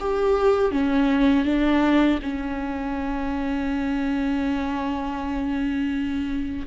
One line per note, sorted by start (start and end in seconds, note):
0.00 0.71 G4
0.71 1.45 C#4
1.45 2.19 D4
2.22 6.67 C#4